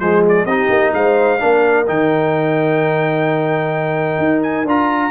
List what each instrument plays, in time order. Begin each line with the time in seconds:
0.00 tuba F3, trombone G#3, horn G#4, trumpet C5
0.29 trumpet D5
0.45 tuba C4, trombone D#4, horn G4, trumpet D#5
0.70 tuba A#3
0.94 tuba G#3, horn C5, trumpet F5
1.40 tuba A#3, trombone D4, horn A#4
1.87 tuba D#3, trombone D#4, trumpet G5
4.18 tuba D#4
4.43 trumpet G#5
4.65 tuba D4, trombone F4, trumpet A#5